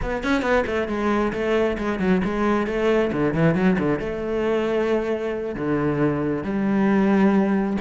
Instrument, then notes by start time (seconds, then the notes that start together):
cello
0.02 B3
0.23 C#4
0.42 B3
0.66 A3
0.87 G#3
1.33 A3
1.78 G#3
1.99 F#3
2.24 G#3
2.66 A3
3.12 D3
3.33 E3
3.54 F#3
3.78 D3
3.99 A3
5.55 D3
6.43 G3